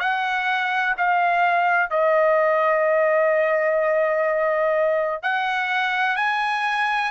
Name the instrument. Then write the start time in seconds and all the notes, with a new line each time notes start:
trumpet
0.00 F#5
0.98 F5
1.90 D#5
5.23 F#5
6.16 G#5